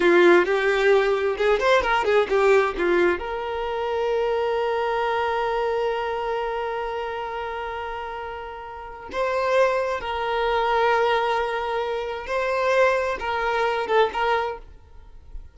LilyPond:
\new Staff \with { instrumentName = "violin" } { \time 4/4 \tempo 4 = 132 f'4 g'2 gis'8 c''8 | ais'8 gis'8 g'4 f'4 ais'4~ | ais'1~ | ais'1~ |
ais'1 | c''2 ais'2~ | ais'2. c''4~ | c''4 ais'4. a'8 ais'4 | }